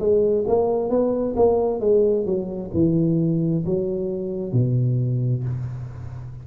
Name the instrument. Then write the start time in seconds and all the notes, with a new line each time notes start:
tuba
0.00 G#3
0.48 A#3
0.90 B3
1.36 A#3
1.81 G#3
2.26 F#3
2.74 E3
3.66 F#3
4.53 B2